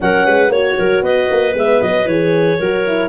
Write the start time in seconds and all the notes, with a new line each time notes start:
0.00 F#3 C#4 A#4 F#5
0.26 G#3 B4
0.48 A#3 F#4 C#5
0.78 F#3 A#4
1.02 B3 B4 D#5
1.30 A#3
1.53 G#3 B3 E5
1.81 F#3 D#5
2.05 E3 G#4 C#5
2.58 F#3 F#4 A#4
2.87 E4